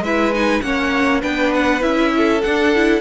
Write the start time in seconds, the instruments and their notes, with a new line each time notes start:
0.00 cello G#3, viola E4, violin B4 E5
0.34 viola D#4, violin G#5
0.61 cello A#3, viola C#4, violin C#5 F#5
1.21 cello B3, viola D4, violin B4 G5
1.54 violin F#5
1.80 cello C#4, viola E4, violin E5
2.17 violin A4
2.41 cello D4, viola D4, violin F#5
2.75 viola E4